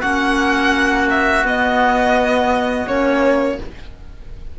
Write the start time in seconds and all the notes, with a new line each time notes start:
0.00 A#3 C#4 F#4 F#5
1.11 E5
1.43 B3 D#5
2.87 A#3 C#4 C#5